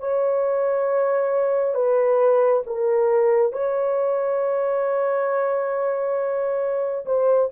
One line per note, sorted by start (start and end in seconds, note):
0.00 1.75 C#5
1.75 2.63 B4
2.67 3.53 A#4
3.53 7.06 C#5
7.06 7.50 C5